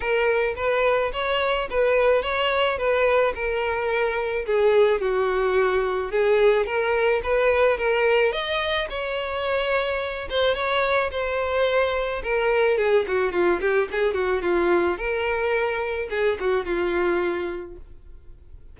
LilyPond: \new Staff \with { instrumentName = "violin" } { \time 4/4 \tempo 4 = 108 ais'4 b'4 cis''4 b'4 | cis''4 b'4 ais'2 | gis'4 fis'2 gis'4 | ais'4 b'4 ais'4 dis''4 |
cis''2~ cis''8 c''8 cis''4 | c''2 ais'4 gis'8 fis'8 | f'8 g'8 gis'8 fis'8 f'4 ais'4~ | ais'4 gis'8 fis'8 f'2 | }